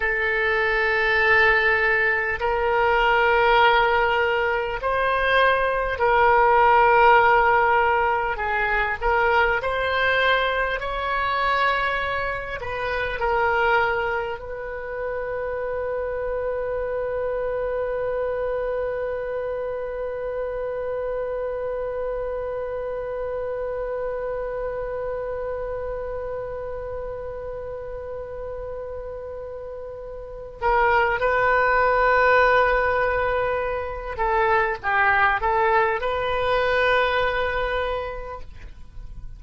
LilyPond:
\new Staff \with { instrumentName = "oboe" } { \time 4/4 \tempo 4 = 50 a'2 ais'2 | c''4 ais'2 gis'8 ais'8 | c''4 cis''4. b'8 ais'4 | b'1~ |
b'1~ | b'1~ | b'4. ais'8 b'2~ | b'8 a'8 g'8 a'8 b'2 | }